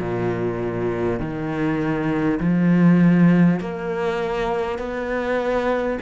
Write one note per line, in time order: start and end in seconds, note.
0.00 1.20 A#2
1.20 2.40 D#3
2.41 3.61 F3
3.61 4.79 A#3
4.79 5.99 B3